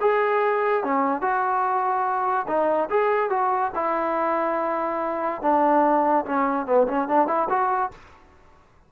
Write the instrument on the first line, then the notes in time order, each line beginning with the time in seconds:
trombone
0.00 G#4
0.83 C#4
1.21 F#4
2.47 D#4
2.90 G#4
3.29 F#4
3.75 E4
5.41 D4
6.25 C#4
6.66 B3
6.87 C#4
7.08 D4
7.27 E4
7.49 F#4